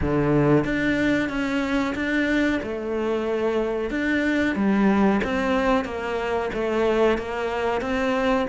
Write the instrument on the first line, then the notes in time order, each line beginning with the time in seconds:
cello
0.01 D3
0.64 D4
1.29 C#4
1.95 D4
2.62 A3
3.90 D4
4.55 G3
5.24 C4
5.84 A#3
6.53 A3
7.18 A#3
7.81 C4